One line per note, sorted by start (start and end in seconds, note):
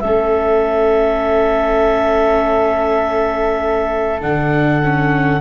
0.00 4.22 A3
0.00 4.21 C#4
0.00 5.41 A4
0.00 4.20 E5
4.21 5.41 D3
4.21 4.81 D4
4.21 5.41 F#5
4.84 5.41 C#4